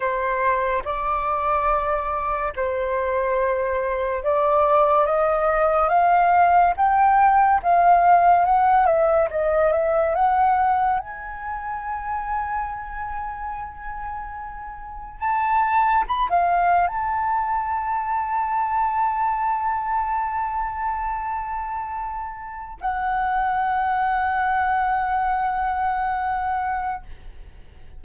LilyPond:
\new Staff \with { instrumentName = "flute" } { \time 4/4 \tempo 4 = 71 c''4 d''2 c''4~ | c''4 d''4 dis''4 f''4 | g''4 f''4 fis''8 e''8 dis''8 e''8 | fis''4 gis''2.~ |
gis''2 a''4 b''16 f''8. | a''1~ | a''2. fis''4~ | fis''1 | }